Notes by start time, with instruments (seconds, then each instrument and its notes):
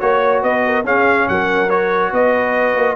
0.00 tuba A#3, trombone F#4, trumpet C#5, horn C#5
0.42 tuba B3, horn B4, trumpet D#5
0.67 horn A#4
0.84 tuba C#4, trombone C#4, horn G#4, trumpet F5
1.29 tuba F#3, horn A#4, trumpet F#5
1.70 trombone F#4, trumpet C#5
2.12 tuba B3, horn B4, trumpet D#5
2.75 tuba A#3